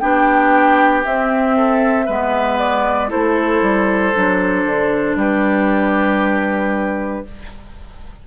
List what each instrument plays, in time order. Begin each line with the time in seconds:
0.00 bassoon B3, clarinet D4, oboe G4, flute G5
1.05 clarinet C4, bassoon C4, flute E5
1.57 oboe A4
2.06 bassoon G#3, clarinet B3, oboe B4
2.59 flute D5
3.09 bassoon A3, clarinet E4, oboe A4, flute C5
3.62 bassoon G3
4.15 bassoon F#3, clarinet D4
4.65 bassoon D3
5.15 bassoon G3, oboe G4, flute B4